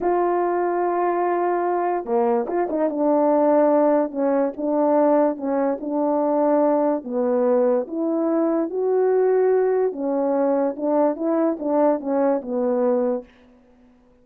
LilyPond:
\new Staff \with { instrumentName = "horn" } { \time 4/4 \tempo 4 = 145 f'1~ | f'4 ais4 f'8 dis'8 d'4~ | d'2 cis'4 d'4~ | d'4 cis'4 d'2~ |
d'4 b2 e'4~ | e'4 fis'2. | cis'2 d'4 e'4 | d'4 cis'4 b2 | }